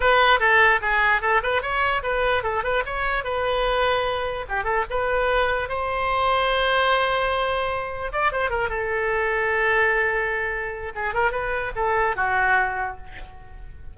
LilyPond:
\new Staff \with { instrumentName = "oboe" } { \time 4/4 \tempo 4 = 148 b'4 a'4 gis'4 a'8 b'8 | cis''4 b'4 a'8 b'8 cis''4 | b'2. g'8 a'8 | b'2 c''2~ |
c''1 | d''8 c''8 ais'8 a'2~ a'8~ | a'2. gis'8 ais'8 | b'4 a'4 fis'2 | }